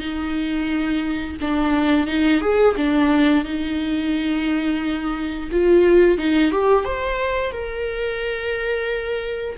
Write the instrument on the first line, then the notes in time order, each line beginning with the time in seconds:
viola
0.00 D#4
1.41 D4
2.07 D#4
2.41 G#4
2.77 D4
3.45 D#4
5.51 F4
6.18 D#4
6.51 G4
6.85 C5
7.52 A#4